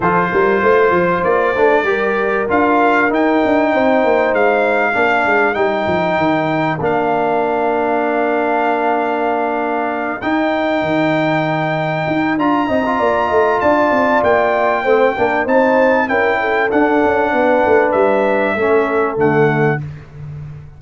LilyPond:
<<
  \new Staff \with { instrumentName = "trumpet" } { \time 4/4 \tempo 4 = 97 c''2 d''2 | f''4 g''2 f''4~ | f''4 g''2 f''4~ | f''1~ |
f''8 g''2.~ g''8 | ais''2 a''4 g''4~ | g''4 a''4 g''4 fis''4~ | fis''4 e''2 fis''4 | }
  \new Staff \with { instrumentName = "horn" } { \time 4/4 a'8 ais'8 c''2 ais'4~ | ais'2 c''2 | ais'1~ | ais'1~ |
ais'1~ | ais'8 dis''8 d''8 dis''8 d''2 | c''8 ais'8 c''4 ais'8 a'4. | b'2 a'2 | }
  \new Staff \with { instrumentName = "trombone" } { \time 4/4 f'2~ f'8 d'8 g'4 | f'4 dis'2. | d'4 dis'2 d'4~ | d'1~ |
d'8 dis'2.~ dis'8 | f'8 dis'16 f'2.~ f'16 | c'8 d'8 dis'4 e'4 d'4~ | d'2 cis'4 a4 | }
  \new Staff \with { instrumentName = "tuba" } { \time 4/4 f8 g8 a8 f8 ais8 a8 g4 | d'4 dis'8 d'8 c'8 ais8 gis4 | ais8 gis8 g8 f8 dis4 ais4~ | ais1~ |
ais8 dis'4 dis2 dis'8 | d'8 c'8 ais8 a8 d'8 c'8 ais4 | a8 ais8 c'4 cis'4 d'8 cis'8 | b8 a8 g4 a4 d4 | }
>>